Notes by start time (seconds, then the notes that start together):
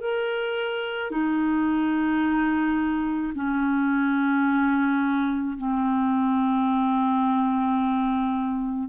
0.00 A#4
1.11 D#4
3.35 C#4
5.58 C4